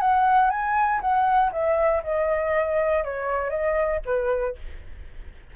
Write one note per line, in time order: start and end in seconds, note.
0.00 0.50 F#5
0.50 1.00 G#5
1.01 1.51 F#5
1.52 2.03 E5
2.03 3.04 D#5
3.04 3.50 C#5
3.50 4.00 D#5
4.05 4.56 B4